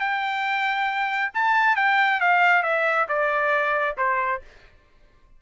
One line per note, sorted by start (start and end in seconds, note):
0.00 1.32 G5
1.34 1.76 A5
1.76 2.21 G5
2.21 2.63 F5
2.63 3.07 E5
3.09 3.97 D5
3.97 4.42 C5